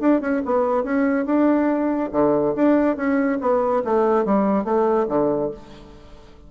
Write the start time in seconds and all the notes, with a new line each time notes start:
0.00 D4
0.21 C#4
0.45 B3
0.84 C#4
1.26 D4
2.12 D3
2.55 D4
2.96 C#4
3.41 B3
3.84 A3
4.25 G3
4.64 A3
5.08 D3